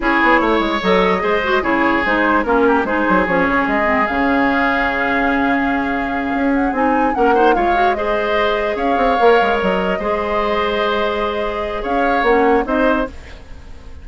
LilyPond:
<<
  \new Staff \with { instrumentName = "flute" } { \time 4/4 \tempo 4 = 147 cis''2 dis''2 | cis''4 c''4 ais'4 c''4 | cis''4 dis''4 f''2~ | f''1 |
fis''8 gis''4 fis''4 f''4 dis''8~ | dis''4. f''2 dis''8~ | dis''1~ | dis''4 f''4 fis''4 dis''4 | }
  \new Staff \with { instrumentName = "oboe" } { \time 4/4 gis'4 cis''2 c''4 | gis'2 f'8 g'8 gis'4~ | gis'1~ | gis'1~ |
gis'4. ais'8 c''8 cis''4 c''8~ | c''4. cis''2~ cis''8~ | cis''8 c''2.~ c''8~ | c''4 cis''2 c''4 | }
  \new Staff \with { instrumentName = "clarinet" } { \time 4/4 e'2 a'4 gis'8 fis'8 | e'4 dis'4 cis'4 dis'4 | cis'4. c'8 cis'2~ | cis'1~ |
cis'8 dis'4 cis'8 dis'8 f'8 fis'8 gis'8~ | gis'2~ gis'8 ais'4.~ | ais'8 gis'2.~ gis'8~ | gis'2 cis'4 dis'4 | }
  \new Staff \with { instrumentName = "bassoon" } { \time 4/4 cis'8 b8 a8 gis8 fis4 gis4 | cis4 gis4 ais4 gis8 fis8 | f8 cis8 gis4 cis2~ | cis2.~ cis8 cis'8~ |
cis'8 c'4 ais4 gis4.~ | gis4. cis'8 c'8 ais8 gis8 fis8~ | fis8 gis2.~ gis8~ | gis4 cis'4 ais4 c'4 | }
>>